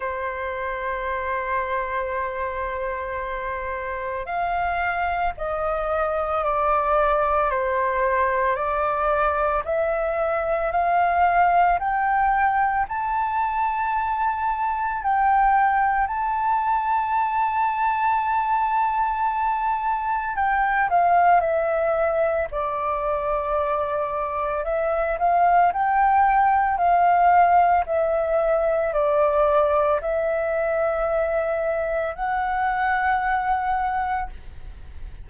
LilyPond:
\new Staff \with { instrumentName = "flute" } { \time 4/4 \tempo 4 = 56 c''1 | f''4 dis''4 d''4 c''4 | d''4 e''4 f''4 g''4 | a''2 g''4 a''4~ |
a''2. g''8 f''8 | e''4 d''2 e''8 f''8 | g''4 f''4 e''4 d''4 | e''2 fis''2 | }